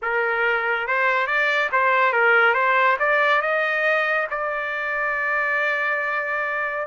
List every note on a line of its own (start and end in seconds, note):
0.02 0.87 A#4
0.87 1.26 C5
1.26 1.69 D5
1.71 2.12 C5
2.12 2.54 A#4
2.54 2.97 C5
2.99 3.41 D5
3.41 4.27 D#5
4.30 6.87 D5